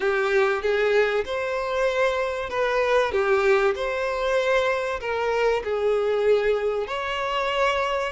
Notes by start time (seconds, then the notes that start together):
0.00 G4
0.62 G#4
1.25 C5
2.49 B4
3.11 G4
3.75 C5
5.00 A#4
5.64 G#4
6.87 C#5